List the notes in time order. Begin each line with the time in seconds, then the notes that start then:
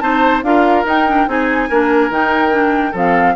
0.00 C4 D#4 C5 A5
0.43 D4 F4 A#4 F5
0.85 D#4 G5
1.07 D4
1.27 C4 D#4 G#4 G#5
1.69 A#3 D4 A#4
2.10 D#3 D#4 G5
2.51 D4
2.91 F3 C4 A4 F5